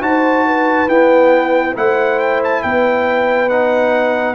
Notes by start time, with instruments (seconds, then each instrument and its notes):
0.00 tuba D#4, trombone F#4, horn C5, trumpet A5
0.46 horn B4
0.88 trombone B3, tuba E4, trumpet G5
1.74 tuba A3, trombone E4, horn C5, trumpet F#5
2.19 trumpet G5
2.44 trumpet A5
2.62 tuba B3, horn B4, trumpet G5
3.49 trombone D#4, trumpet F#5